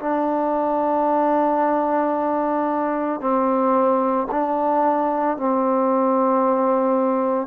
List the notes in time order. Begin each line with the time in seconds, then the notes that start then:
0.00 D4
3.21 C4
4.31 D4
5.38 C4